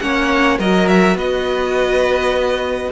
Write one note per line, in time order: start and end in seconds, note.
0.00 0.59 A#3
0.00 0.59 C#4
0.00 0.59 C#5
0.00 0.58 F#5
0.59 1.15 F#3
0.59 2.92 F#4
0.59 1.17 A#4
0.59 0.88 D#5
0.88 1.17 E5
1.15 2.89 B3
1.15 2.92 B4
1.15 2.92 D#5